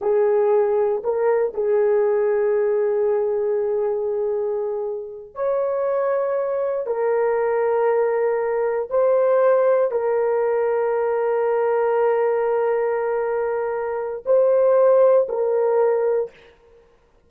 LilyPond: \new Staff \with { instrumentName = "horn" } { \time 4/4 \tempo 4 = 118 gis'2 ais'4 gis'4~ | gis'1~ | gis'2~ gis'8 cis''4.~ | cis''4. ais'2~ ais'8~ |
ais'4. c''2 ais'8~ | ais'1~ | ais'1 | c''2 ais'2 | }